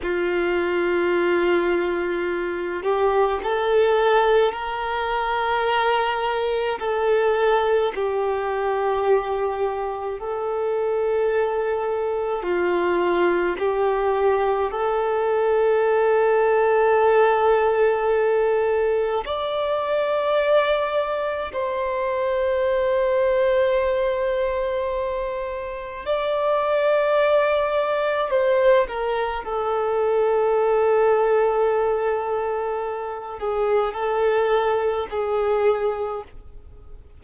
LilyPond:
\new Staff \with { instrumentName = "violin" } { \time 4/4 \tempo 4 = 53 f'2~ f'8 g'8 a'4 | ais'2 a'4 g'4~ | g'4 a'2 f'4 | g'4 a'2.~ |
a'4 d''2 c''4~ | c''2. d''4~ | d''4 c''8 ais'8 a'2~ | a'4. gis'8 a'4 gis'4 | }